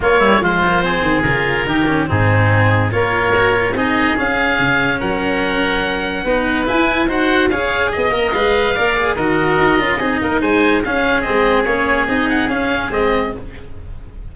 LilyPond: <<
  \new Staff \with { instrumentName = "oboe" } { \time 4/4 \tempo 4 = 144 cis''4 c''2 ais'4~ | ais'4 gis'2 cis''4~ | cis''4 dis''4 f''2 | fis''1 |
gis''4 fis''4 f''4 dis''4 | f''2 dis''2~ | dis''4 gis''4 f''4 dis''4 | cis''4 dis''8 fis''8 f''4 dis''4 | }
  \new Staff \with { instrumentName = "oboe" } { \time 4/4 f'8 e'8 f'4 gis'2 | g'4 dis'2 ais'4~ | ais'4 gis'2. | ais'2. b'4~ |
b'4 c''4 cis''4 dis''4~ | dis''4 d''4 ais'2 | gis'8 ais'8 c''4 gis'2~ | gis'1 | }
  \new Staff \with { instrumentName = "cello" } { \time 4/4 ais8 g8 gis8 ais8 c'4 f'4 | dis'8 cis'8 c'2 f'4 | fis'8 f'8 dis'4 cis'2~ | cis'2. dis'4 |
e'4 fis'4 gis'4. ais'8 | b'4 ais'8 gis'8 fis'4. f'8 | dis'2 cis'4 c'4 | cis'4 dis'4 cis'4 c'4 | }
  \new Staff \with { instrumentName = "tuba" } { \time 4/4 ais4 f4. dis8 cis4 | dis4 gis,2 ais4~ | ais4 c'4 cis'4 cis4 | fis2. b4 |
e'4 dis'4 cis'4 b8 ais8 | gis4 ais4 dis4 dis'8 cis'8 | c'8 ais8 gis4 cis'4 gis4 | ais4 c'4 cis'4 gis4 | }
>>